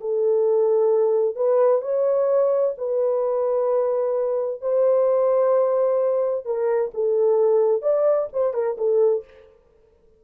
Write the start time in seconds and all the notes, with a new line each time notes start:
0.00 A4
1.36 B4
1.81 C#5
2.77 B4
4.61 C5
6.45 A#4
6.94 A4
7.82 D5
8.32 C5
8.53 A#4
8.78 A4